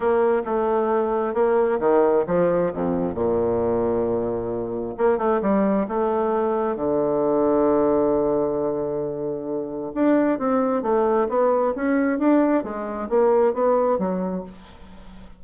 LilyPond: \new Staff \with { instrumentName = "bassoon" } { \time 4/4 \tempo 4 = 133 ais4 a2 ais4 | dis4 f4 f,4 ais,4~ | ais,2. ais8 a8 | g4 a2 d4~ |
d1~ | d2 d'4 c'4 | a4 b4 cis'4 d'4 | gis4 ais4 b4 fis4 | }